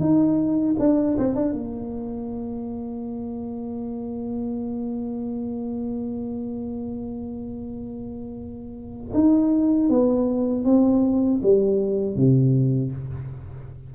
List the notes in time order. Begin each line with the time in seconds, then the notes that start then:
0.00 D#4
0.79 D4
1.18 C4
1.36 D4
1.53 A#3
9.14 D#4
9.90 B3
10.65 C4
11.43 G3
12.16 C3